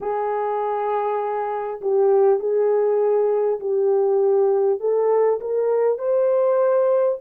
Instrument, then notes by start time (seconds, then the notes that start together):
horn
0.00 G#4
1.81 G4
2.39 G#4
3.60 G4
4.79 A4
5.40 A#4
5.98 C5